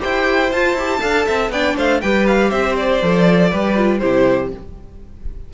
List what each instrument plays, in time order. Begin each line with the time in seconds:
0.00 cello E4, viola G4, violin C5 G5
0.52 cello F4, viola F4, violin A5
0.74 cello E4, viola G4
1.00 cello D4, viola A4, violin F5
1.26 cello C4, violin E5
1.50 cello B3, viola D4, violin D5 G5
1.76 cello A3, violin C5 F5
2.01 cello G3, viola G4, violin B4 G5
2.27 violin F5
2.49 cello C4, violin C5 E5
2.76 violin D5
3.03 cello F3, viola A4
3.50 cello G3, viola G4, violin B4
3.76 viola F4
3.99 cello C3, viola E4, violin G4 C5